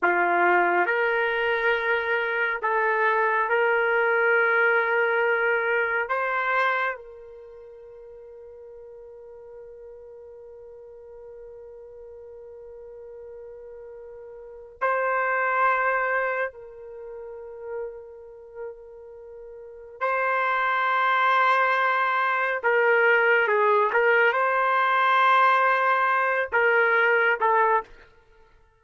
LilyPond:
\new Staff \with { instrumentName = "trumpet" } { \time 4/4 \tempo 4 = 69 f'4 ais'2 a'4 | ais'2. c''4 | ais'1~ | ais'1~ |
ais'4 c''2 ais'4~ | ais'2. c''4~ | c''2 ais'4 gis'8 ais'8 | c''2~ c''8 ais'4 a'8 | }